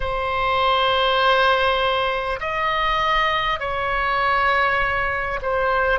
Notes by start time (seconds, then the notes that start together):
0.00 C5
2.40 D#5
3.59 C#5
5.42 C5